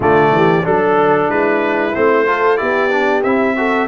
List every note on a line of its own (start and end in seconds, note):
0.00 0.31 D3
0.00 0.62 A3
0.00 0.31 F4
0.00 0.66 D5
0.31 0.64 E3
0.31 0.65 G4
0.63 1.29 F#3
0.63 1.92 D4
0.63 1.29 A4
0.63 1.30 A4
1.29 1.93 G#3
1.29 2.26 E4
1.29 1.94 B4
1.94 2.61 A3
1.94 2.26 C4
1.94 2.57 C5
2.26 2.57 F4
2.26 2.58 A4
2.57 3.24 B3
2.57 2.89 E4
2.57 3.55 G4
2.57 3.21 D5
2.90 3.22 D4
3.23 3.87 C4
3.23 3.56 E4
3.23 3.87 E5
3.56 3.87 F#4
3.56 3.87 A4